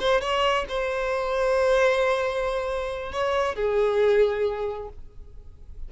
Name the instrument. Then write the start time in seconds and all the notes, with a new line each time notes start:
violin
0.00 C5
0.21 C#5
0.69 C5
3.13 C#5
3.56 G#4